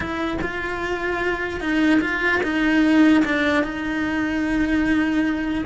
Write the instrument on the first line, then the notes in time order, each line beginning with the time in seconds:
cello
0.00 E4
0.41 F4
1.60 D#4
2.00 F4
2.43 D#4
3.24 D4
3.63 D#4